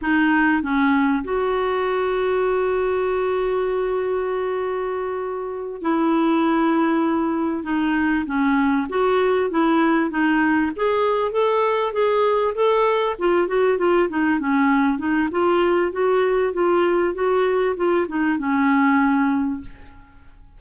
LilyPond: \new Staff \with { instrumentName = "clarinet" } { \time 4/4 \tempo 4 = 98 dis'4 cis'4 fis'2~ | fis'1~ | fis'4. e'2~ e'8~ | e'8 dis'4 cis'4 fis'4 e'8~ |
e'8 dis'4 gis'4 a'4 gis'8~ | gis'8 a'4 f'8 fis'8 f'8 dis'8 cis'8~ | cis'8 dis'8 f'4 fis'4 f'4 | fis'4 f'8 dis'8 cis'2 | }